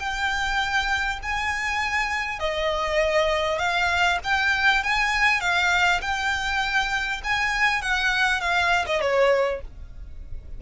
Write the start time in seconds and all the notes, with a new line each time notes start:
0.00 G5
1.23 G#5
2.40 D#5
3.59 F5
4.24 G5
4.84 G#5
5.41 F5
6.02 G5
7.24 G#5
7.82 F#5
8.41 F5
8.87 D#5
9.02 C#5